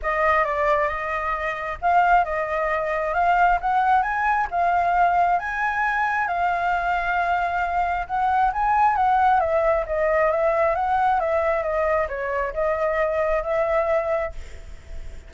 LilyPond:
\new Staff \with { instrumentName = "flute" } { \time 4/4 \tempo 4 = 134 dis''4 d''4 dis''2 | f''4 dis''2 f''4 | fis''4 gis''4 f''2 | gis''2 f''2~ |
f''2 fis''4 gis''4 | fis''4 e''4 dis''4 e''4 | fis''4 e''4 dis''4 cis''4 | dis''2 e''2 | }